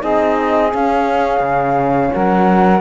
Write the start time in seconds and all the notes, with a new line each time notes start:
0.00 C4 D#4 G#4 D#5
0.71 C#4 F5
1.40 C#3
2.13 F#3 A#4 F#5